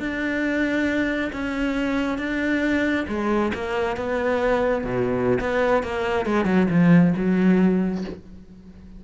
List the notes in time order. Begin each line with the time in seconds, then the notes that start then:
0.00 D4
1.33 C#4
2.19 D4
3.09 G#3
3.55 A#3
3.97 B3
4.85 B2
5.41 B3
5.83 A#3
6.26 G#3
6.45 F#3
6.70 F3
7.17 F#3